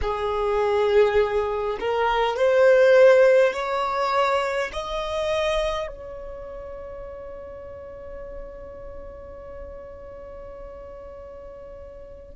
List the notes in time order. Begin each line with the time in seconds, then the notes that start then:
0.01 G#4
1.80 A#4
2.36 C5
3.53 C#5
4.72 D#5
5.87 C#5